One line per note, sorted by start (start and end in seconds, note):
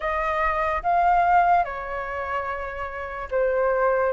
0.00 0.82 D#5
0.83 1.64 F5
1.64 3.28 C#5
3.31 4.13 C5